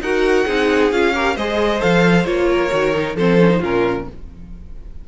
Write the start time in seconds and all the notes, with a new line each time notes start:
0.00 D#4 F#4 A#4 F#5
0.45 C4 D#4 G#4
0.92 C#4 F4 F5
1.14 G4 A#4
1.35 G#3 G#4 C5 D#5
1.80 F3 A4 F5
2.24 A#3 F4 C#5
2.51 A#4
2.71 D#3 F#4
2.95 D#4
3.15 F3 C4 A4 C5
3.40 C#4
3.49 D#4
3.59 A#2 C#4 F4 A#4